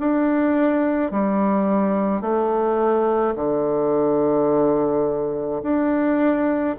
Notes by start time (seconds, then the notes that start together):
0.00 D4
1.11 G3
2.21 A3
3.36 D3
5.63 D4